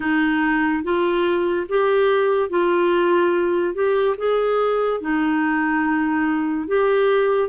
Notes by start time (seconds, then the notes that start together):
0.00 D#4
0.83 F4
1.68 G4
2.49 F4
3.74 G4
4.17 G#4
5.00 D#4
6.67 G4